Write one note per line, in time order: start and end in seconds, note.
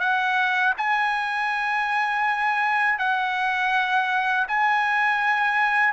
0.00 0.74 F#5
0.78 2.99 G#5
2.99 4.47 F#5
4.48 5.94 G#5